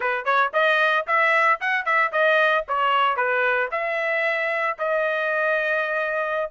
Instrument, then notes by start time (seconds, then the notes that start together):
trumpet
0.00 B4
0.24 C#5
0.53 D#5
1.06 E5
1.60 F#5
1.85 E5
2.12 D#5
2.67 C#5
3.16 B4
3.71 E5
4.78 D#5